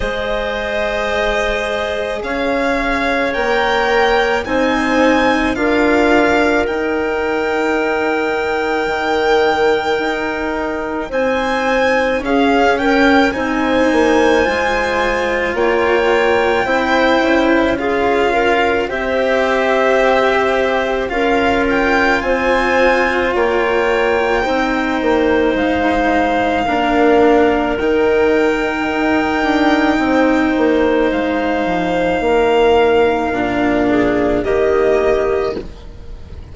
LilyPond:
<<
  \new Staff \with { instrumentName = "violin" } { \time 4/4 \tempo 4 = 54 dis''2 f''4 g''4 | gis''4 f''4 g''2~ | g''2 gis''4 f''8 g''8 | gis''2 g''2 |
f''4 e''2 f''8 g''8 | gis''4 g''2 f''4~ | f''4 g''2. | f''2. dis''4 | }
  \new Staff \with { instrumentName = "clarinet" } { \time 4/4 c''2 cis''2 | c''4 ais'2.~ | ais'2 c''4 gis'8 ais'8 | c''2 cis''4 c''4 |
gis'8 ais'8 c''2 ais'4 | c''4 cis''4 c''2 | ais'2. c''4~ | c''4 ais'4. gis'8 g'4 | }
  \new Staff \with { instrumentName = "cello" } { \time 4/4 gis'2. ais'4 | dis'4 f'4 dis'2~ | dis'2. cis'4 | dis'4 f'2 e'4 |
f'4 g'2 f'4~ | f'2 dis'2 | d'4 dis'2.~ | dis'2 d'4 ais4 | }
  \new Staff \with { instrumentName = "bassoon" } { \time 4/4 gis2 cis'4 ais4 | c'4 d'4 dis'2 | dis4 dis'4 c'4 cis'4 | c'8 ais8 gis4 ais4 c'8 cis'8~ |
cis'4 c'2 cis'4 | c'4 ais4 c'8 ais8 gis4 | ais4 dis4 dis'8 d'8 c'8 ais8 | gis8 f8 ais4 ais,4 dis4 | }
>>